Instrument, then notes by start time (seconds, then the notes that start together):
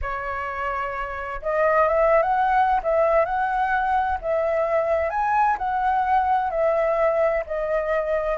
flute
0.01 C#5
1.41 D#5
1.88 E5
2.22 F#5
2.83 E5
3.25 F#5
4.21 E5
5.10 G#5
5.58 F#5
6.50 E5
7.46 D#5